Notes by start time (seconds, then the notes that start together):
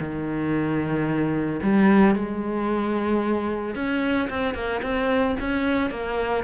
0.00 D#3
1.63 G3
2.15 G#3
3.75 C#4
4.30 C4
4.55 A#3
4.83 C4
5.40 C#4
5.91 A#3